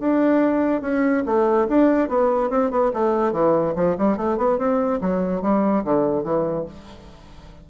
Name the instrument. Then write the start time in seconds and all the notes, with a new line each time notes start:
bassoon
0.00 D4
0.82 C#4
1.26 A3
1.68 D4
2.09 B3
2.50 C4
2.71 B3
2.94 A3
3.33 E3
3.76 F3
3.98 G3
4.17 A3
4.37 B3
4.58 C4
5.02 F#3
5.42 G3
5.85 D3
6.24 E3